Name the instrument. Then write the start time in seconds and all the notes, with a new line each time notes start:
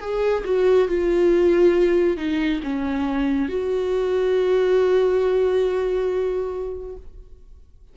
viola
0.00 G#4
0.44 F#4
0.88 F4
2.17 D#4
2.62 C#4
3.48 F#4